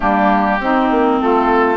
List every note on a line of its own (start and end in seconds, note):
0.00 0.60 G3
0.00 0.60 A#3
0.00 0.59 D4
0.00 1.16 G4
0.60 0.89 C4
0.60 1.76 C4
0.60 1.21 D#4
0.90 1.20 A#3
1.20 1.76 A3
1.20 1.76 F4
1.20 1.76 A4